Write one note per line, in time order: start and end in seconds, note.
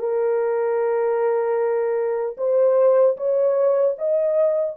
0.00 2.37 A#4
2.38 3.17 C5
3.18 3.97 C#5
3.99 4.77 D#5